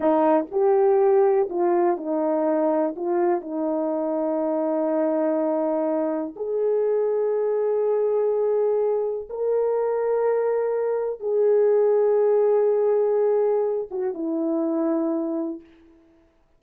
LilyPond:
\new Staff \with { instrumentName = "horn" } { \time 4/4 \tempo 4 = 123 dis'4 g'2 f'4 | dis'2 f'4 dis'4~ | dis'1~ | dis'4 gis'2.~ |
gis'2. ais'4~ | ais'2. gis'4~ | gis'1~ | gis'8 fis'8 e'2. | }